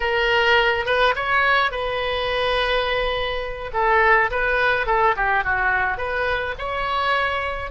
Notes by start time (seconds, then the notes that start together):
0.00 A#4
0.85 B4
1.15 C#5
1.71 B4
3.73 A4
4.30 B4
4.86 A4
5.16 G4
5.44 F#4
5.97 B4
6.58 C#5